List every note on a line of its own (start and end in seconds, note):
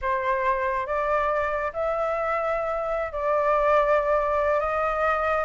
0.01 0.86 C5
0.86 1.72 D5
1.73 3.12 E5
3.12 4.60 D5
4.60 5.44 D#5